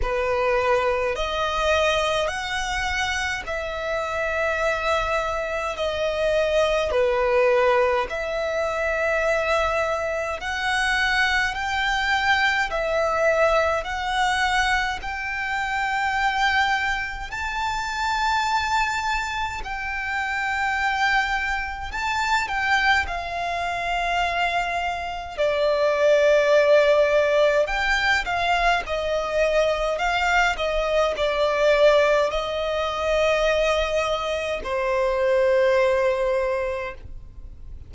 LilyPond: \new Staff \with { instrumentName = "violin" } { \time 4/4 \tempo 4 = 52 b'4 dis''4 fis''4 e''4~ | e''4 dis''4 b'4 e''4~ | e''4 fis''4 g''4 e''4 | fis''4 g''2 a''4~ |
a''4 g''2 a''8 g''8 | f''2 d''2 | g''8 f''8 dis''4 f''8 dis''8 d''4 | dis''2 c''2 | }